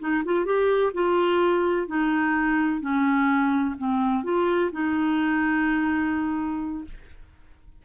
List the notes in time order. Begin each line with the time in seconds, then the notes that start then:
0.00 D#4
0.25 F4
0.45 G4
0.94 F4
1.87 D#4
2.81 C#4
3.78 C4
4.24 F4
4.72 D#4